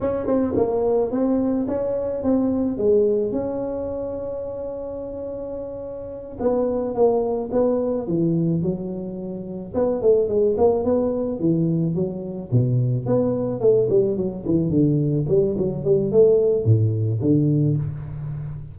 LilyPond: \new Staff \with { instrumentName = "tuba" } { \time 4/4 \tempo 4 = 108 cis'8 c'8 ais4 c'4 cis'4 | c'4 gis4 cis'2~ | cis'2.~ cis'8 b8~ | b8 ais4 b4 e4 fis8~ |
fis4. b8 a8 gis8 ais8 b8~ | b8 e4 fis4 b,4 b8~ | b8 a8 g8 fis8 e8 d4 g8 | fis8 g8 a4 a,4 d4 | }